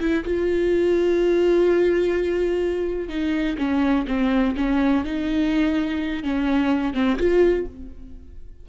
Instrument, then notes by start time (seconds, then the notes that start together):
viola
0.00 E4
0.24 F4
3.09 D#4
3.58 C#4
4.08 C4
4.57 C#4
5.04 D#4
6.23 C#4
6.94 C4
7.18 F4